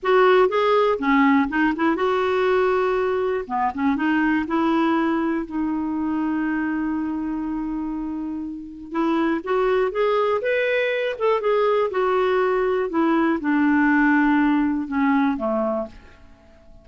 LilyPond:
\new Staff \with { instrumentName = "clarinet" } { \time 4/4 \tempo 4 = 121 fis'4 gis'4 cis'4 dis'8 e'8 | fis'2. b8 cis'8 | dis'4 e'2 dis'4~ | dis'1~ |
dis'2 e'4 fis'4 | gis'4 b'4. a'8 gis'4 | fis'2 e'4 d'4~ | d'2 cis'4 a4 | }